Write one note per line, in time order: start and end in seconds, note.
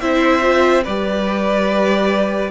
0.00 0.85 C4
0.00 0.41 E4
0.00 0.84 C5
0.00 0.83 E5
0.41 0.83 F4
0.84 2.51 G3
0.84 2.51 G4
0.84 2.50 B4
0.84 2.51 D5